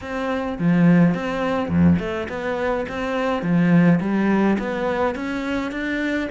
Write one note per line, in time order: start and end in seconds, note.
0.01 0.58 C4
0.58 1.14 F3
1.14 1.69 C4
1.69 1.97 F2
1.99 2.27 A3
2.28 2.85 B3
2.88 3.42 C4
3.42 3.99 F3
4.00 4.57 G3
4.59 5.15 B3
5.15 5.71 C#4
5.71 6.28 D4